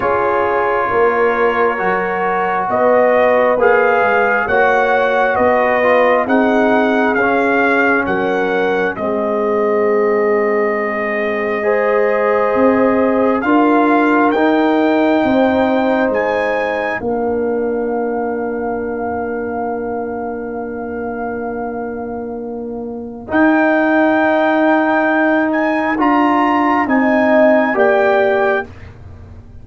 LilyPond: <<
  \new Staff \with { instrumentName = "trumpet" } { \time 4/4 \tempo 4 = 67 cis''2. dis''4 | f''4 fis''4 dis''4 fis''4 | f''4 fis''4 dis''2~ | dis''2. f''4 |
g''2 gis''4 f''4~ | f''1~ | f''2 g''2~ | g''8 gis''8 ais''4 gis''4 g''4 | }
  \new Staff \with { instrumentName = "horn" } { \time 4/4 gis'4 ais'2 b'4~ | b'4 cis''4 b'4 gis'4~ | gis'4 ais'4 gis'2~ | gis'4 c''2 ais'4~ |
ais'4 c''2 ais'4~ | ais'1~ | ais'1~ | ais'2 dis''4 d''4 | }
  \new Staff \with { instrumentName = "trombone" } { \time 4/4 f'2 fis'2 | gis'4 fis'4. f'8 dis'4 | cis'2 c'2~ | c'4 gis'2 f'4 |
dis'2. d'4~ | d'1~ | d'2 dis'2~ | dis'4 f'4 dis'4 g'4 | }
  \new Staff \with { instrumentName = "tuba" } { \time 4/4 cis'4 ais4 fis4 b4 | ais8 gis8 ais4 b4 c'4 | cis'4 fis4 gis2~ | gis2 c'4 d'4 |
dis'4 c'4 gis4 ais4~ | ais1~ | ais2 dis'2~ | dis'4 d'4 c'4 ais4 | }
>>